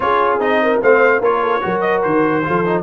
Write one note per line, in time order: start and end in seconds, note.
0.00 0.38 C#4
0.00 0.40 F4
0.00 0.62 G#4
0.00 0.39 C#5
0.38 0.79 C4
0.38 0.81 D#4
0.38 0.81 D#5
0.62 0.81 A#4
0.81 1.20 A3
0.81 1.22 C4
0.81 1.20 C5
0.81 1.23 F5
1.20 1.61 A#3
1.20 1.61 F4
1.20 1.41 A#4
1.20 1.80 C#5
1.41 1.62 A4
1.61 2.05 F#3
1.61 2.42 F#4
1.61 2.45 A#4
1.80 2.01 D#5
2.03 2.46 D#3
2.03 2.83 C5
2.44 2.83 F3
2.44 2.64 F4
2.44 2.83 A4
2.65 2.83 D#4